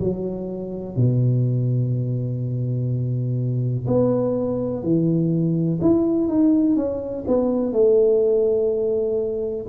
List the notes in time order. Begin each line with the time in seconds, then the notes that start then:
0.00 F#3
0.96 B2
3.87 B3
4.83 E3
5.82 E4
6.28 D#4
6.77 C#4
7.28 B3
7.73 A3